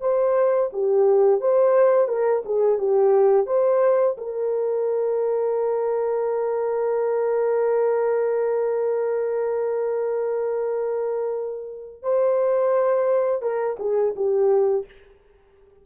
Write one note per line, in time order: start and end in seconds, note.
0.00 0.70 C5
0.73 1.40 G4
1.40 2.08 C5
2.08 2.43 A#4
2.45 2.78 G#4
2.78 3.46 G4
3.46 4.16 C5
4.17 12.02 A#4
12.02 13.41 C5
13.41 13.76 A#4
13.79 14.14 G#4
14.16 14.85 G4